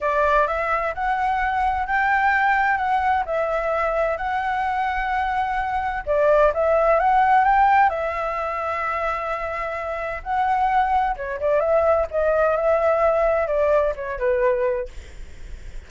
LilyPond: \new Staff \with { instrumentName = "flute" } { \time 4/4 \tempo 4 = 129 d''4 e''4 fis''2 | g''2 fis''4 e''4~ | e''4 fis''2.~ | fis''4 d''4 e''4 fis''4 |
g''4 e''2.~ | e''2 fis''2 | cis''8 d''8 e''4 dis''4 e''4~ | e''4 d''4 cis''8 b'4. | }